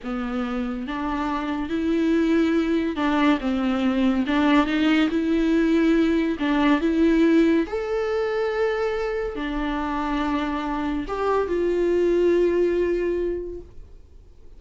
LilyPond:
\new Staff \with { instrumentName = "viola" } { \time 4/4 \tempo 4 = 141 b2 d'2 | e'2. d'4 | c'2 d'4 dis'4 | e'2. d'4 |
e'2 a'2~ | a'2 d'2~ | d'2 g'4 f'4~ | f'1 | }